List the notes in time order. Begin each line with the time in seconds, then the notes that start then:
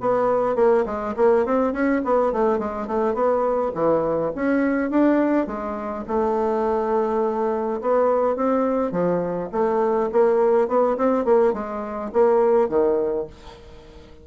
0.00 B3
0.55 A#3
0.85 G#3
1.16 A#3
1.45 C4
1.73 C#4
2.04 B3
2.32 A3
2.58 G#3
2.87 A3
3.14 B3
3.74 E3
4.35 C#4
4.90 D4
5.46 G#3
6.07 A3
7.81 B3
8.35 C4
8.91 F3
9.52 A3
10.11 A#3
10.68 B3
10.97 C4
11.24 A#3
11.53 G#3
12.12 A#3
12.68 D#3